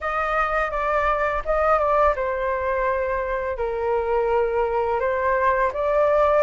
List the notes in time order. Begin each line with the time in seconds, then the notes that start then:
0.00 D#5
0.70 D5
1.45 D#5
1.79 D5
2.15 C5
3.57 A#4
5.00 C5
5.73 D5